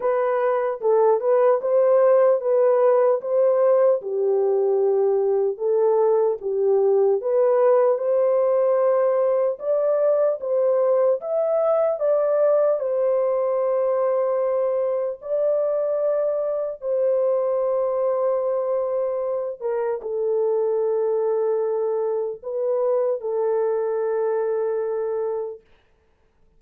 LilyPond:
\new Staff \with { instrumentName = "horn" } { \time 4/4 \tempo 4 = 75 b'4 a'8 b'8 c''4 b'4 | c''4 g'2 a'4 | g'4 b'4 c''2 | d''4 c''4 e''4 d''4 |
c''2. d''4~ | d''4 c''2.~ | c''8 ais'8 a'2. | b'4 a'2. | }